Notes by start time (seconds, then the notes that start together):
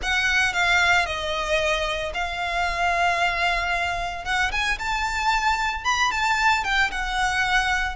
0.02 F#5
0.53 F5
1.06 D#5
2.14 F5
4.24 F#5
4.51 G#5
4.78 A5
5.84 B5
6.11 A5
6.64 G5
6.91 F#5